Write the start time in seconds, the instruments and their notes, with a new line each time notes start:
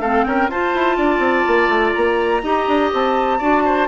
0.00 bassoon A3, clarinet C4, oboe A4, flute F5
0.25 bassoon C#4, oboe A#4, flute G5
0.49 bassoon F4, clarinet F4, oboe C5, flute A5
0.75 bassoon E4
0.97 bassoon D4, oboe D5
1.19 bassoon C4
1.48 bassoon A#3
1.68 bassoon A3
1.94 bassoon A#3, flute A#5
2.43 bassoon D#4, clarinet G4, oboe D#5
2.68 bassoon D4
2.93 bassoon C4, flute A5
3.39 bassoon D4, clarinet F#4, oboe D5
3.66 oboe C5